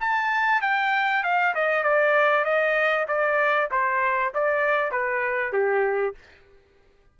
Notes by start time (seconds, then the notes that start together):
0.00 A5
0.62 G5
1.23 F5
1.55 D#5
1.83 D5
2.45 D#5
3.08 D5
3.71 C5
4.34 D5
4.91 B4
5.53 G4